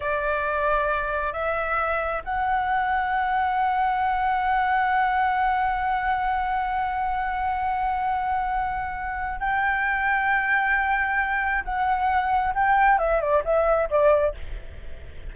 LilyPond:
\new Staff \with { instrumentName = "flute" } { \time 4/4 \tempo 4 = 134 d''2. e''4~ | e''4 fis''2.~ | fis''1~ | fis''1~ |
fis''1~ | fis''4 g''2.~ | g''2 fis''2 | g''4 e''8 d''8 e''4 d''4 | }